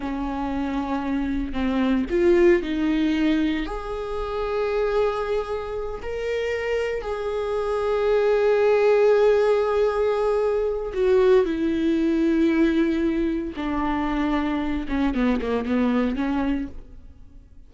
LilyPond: \new Staff \with { instrumentName = "viola" } { \time 4/4 \tempo 4 = 115 cis'2. c'4 | f'4 dis'2 gis'4~ | gis'2.~ gis'8 ais'8~ | ais'4. gis'2~ gis'8~ |
gis'1~ | gis'4 fis'4 e'2~ | e'2 d'2~ | d'8 cis'8 b8 ais8 b4 cis'4 | }